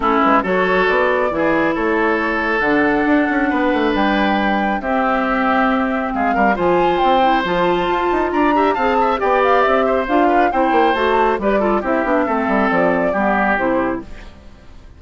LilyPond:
<<
  \new Staff \with { instrumentName = "flute" } { \time 4/4 \tempo 4 = 137 a'8 b'8 cis''4 d''2 | cis''2 fis''2~ | fis''4 g''2 e''4~ | e''2 f''4 gis''4 |
g''4 a''2 ais''4 | a''4 g''8 f''8 e''4 f''4 | g''4 a''4 d''4 e''4~ | e''4 d''2 c''4 | }
  \new Staff \with { instrumentName = "oboe" } { \time 4/4 e'4 a'2 gis'4 | a'1 | b'2. g'4~ | g'2 gis'8 ais'8 c''4~ |
c''2. d''8 e''8 | f''8 e''8 d''4. c''4 b'8 | c''2 b'8 a'8 g'4 | a'2 g'2 | }
  \new Staff \with { instrumentName = "clarinet" } { \time 4/4 cis'4 fis'2 e'4~ | e'2 d'2~ | d'2. c'4~ | c'2. f'4~ |
f'8 e'8 f'2~ f'8 g'8 | gis'4 g'2 f'4 | e'4 fis'4 g'8 f'8 e'8 d'8 | c'2 b4 e'4 | }
  \new Staff \with { instrumentName = "bassoon" } { \time 4/4 a8 gis8 fis4 b4 e4 | a2 d4 d'8 cis'8 | b8 a8 g2 c'4~ | c'2 gis8 g8 f4 |
c'4 f4 f'8 dis'8 d'4 | c'4 b4 c'4 d'4 | c'8 ais8 a4 g4 c'8 b8 | a8 g8 f4 g4 c4 | }
>>